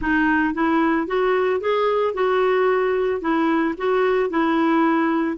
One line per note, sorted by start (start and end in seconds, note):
0.01 0.54 D#4
0.54 1.07 E4
1.07 1.60 F#4
1.60 2.14 G#4
2.14 3.21 F#4
3.21 3.75 E4
3.77 4.30 F#4
4.30 5.37 E4